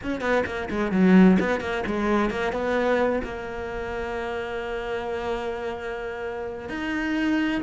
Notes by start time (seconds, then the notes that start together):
0.03 C#4
0.20 B3
0.46 A#3
0.69 G#3
0.91 F#3
1.39 B3
1.60 A#3
1.86 G#3
2.30 A#3
2.52 B3
3.23 A#3
6.69 D#4